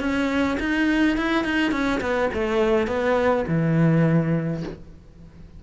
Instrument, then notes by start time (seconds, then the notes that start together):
cello
0.00 C#4
0.60 D#4
1.17 E4
1.44 D#4
1.72 C#4
2.01 B3
2.33 A3
2.87 B3
3.48 E3